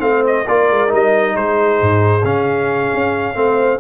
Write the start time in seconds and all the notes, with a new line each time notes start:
0.00 A3 C4 C5 F5
0.27 D#5
0.46 A#3 F4 A#4 D5
0.71 G#3
0.89 G3 D#4 D#5
1.36 G#3 G#4 C5
1.82 G#2
2.24 C#3 C#4 F5
2.95 C#4
3.35 A3 C4 C5